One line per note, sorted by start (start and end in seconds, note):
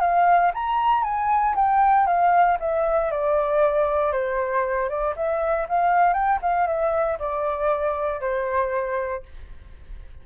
0.00 0.51 F5
0.54 1.03 A#5
1.03 1.55 G#5
1.55 2.06 G5
2.06 2.57 F5
2.59 3.10 E5
3.11 4.12 D5
4.12 4.89 C5
4.89 5.14 D5
5.16 5.67 E5
5.68 6.13 F5
6.13 6.39 G5
6.41 6.66 F5
6.66 7.18 E5
7.19 8.20 D5
8.20 9.23 C5